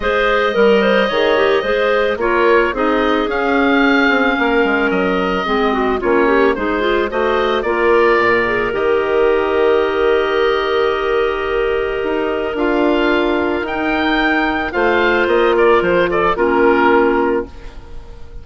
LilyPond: <<
  \new Staff \with { instrumentName = "oboe" } { \time 4/4 \tempo 4 = 110 dis''1 | cis''4 dis''4 f''2~ | f''4 dis''2 cis''4 | c''4 dis''4 d''2 |
dis''1~ | dis''2. f''4~ | f''4 g''2 f''4 | dis''8 d''8 c''8 d''8 ais'2 | }
  \new Staff \with { instrumentName = "clarinet" } { \time 4/4 c''4 ais'8 c''8 cis''4 c''4 | ais'4 gis'2. | ais'2 gis'8 fis'8 f'8 g'8 | gis'4 c''4 ais'2~ |
ais'1~ | ais'1~ | ais'2. c''4~ | c''8 ais'4 a'8 f'2 | }
  \new Staff \with { instrumentName = "clarinet" } { \time 4/4 gis'4 ais'4 gis'8 g'8 gis'4 | f'4 dis'4 cis'2~ | cis'2 c'4 cis'4 | dis'8 f'8 fis'4 f'4. gis'8 |
g'1~ | g'2. f'4~ | f'4 dis'2 f'4~ | f'2 cis'2 | }
  \new Staff \with { instrumentName = "bassoon" } { \time 4/4 gis4 g4 dis4 gis4 | ais4 c'4 cis'4. c'8 | ais8 gis8 fis4 gis4 ais4 | gis4 a4 ais4 ais,4 |
dis1~ | dis2 dis'4 d'4~ | d'4 dis'2 a4 | ais4 f4 ais2 | }
>>